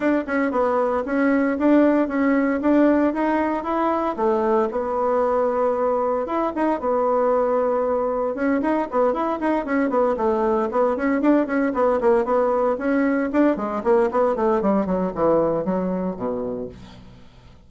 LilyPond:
\new Staff \with { instrumentName = "bassoon" } { \time 4/4 \tempo 4 = 115 d'8 cis'8 b4 cis'4 d'4 | cis'4 d'4 dis'4 e'4 | a4 b2. | e'8 dis'8 b2. |
cis'8 dis'8 b8 e'8 dis'8 cis'8 b8 a8~ | a8 b8 cis'8 d'8 cis'8 b8 ais8 b8~ | b8 cis'4 d'8 gis8 ais8 b8 a8 | g8 fis8 e4 fis4 b,4 | }